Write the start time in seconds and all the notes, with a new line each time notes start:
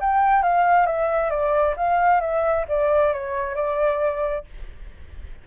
0.00 G5
0.42 F5
0.86 E5
1.30 D5
1.76 F5
2.20 E5
2.68 D5
3.13 C#5
3.55 D5